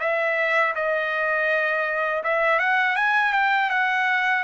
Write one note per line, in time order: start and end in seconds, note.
0.00 0.74 E5
0.75 2.23 D#5
2.24 2.59 E5
2.59 2.96 F#5
2.96 3.33 G#5
3.33 3.70 G5
3.70 4.43 F#5